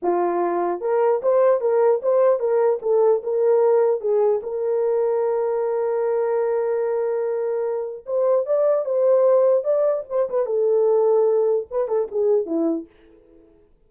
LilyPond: \new Staff \with { instrumentName = "horn" } { \time 4/4 \tempo 4 = 149 f'2 ais'4 c''4 | ais'4 c''4 ais'4 a'4 | ais'2 gis'4 ais'4~ | ais'1~ |
ais'1 | c''4 d''4 c''2 | d''4 c''8 b'8 a'2~ | a'4 b'8 a'8 gis'4 e'4 | }